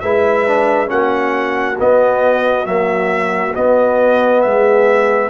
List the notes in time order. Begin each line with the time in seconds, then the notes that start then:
0.00 G#3 E4 B4 E5
0.47 D4
0.87 A#3 C#4 F#4 F#5
1.79 B3 D#5
2.65 F#3 A#3 E5
3.54 B3 D#5
4.41 G#3 G#4 E5